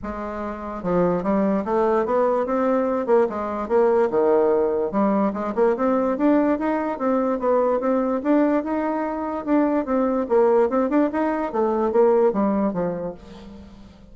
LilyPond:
\new Staff \with { instrumentName = "bassoon" } { \time 4/4 \tempo 4 = 146 gis2 f4 g4 | a4 b4 c'4. ais8 | gis4 ais4 dis2 | g4 gis8 ais8 c'4 d'4 |
dis'4 c'4 b4 c'4 | d'4 dis'2 d'4 | c'4 ais4 c'8 d'8 dis'4 | a4 ais4 g4 f4 | }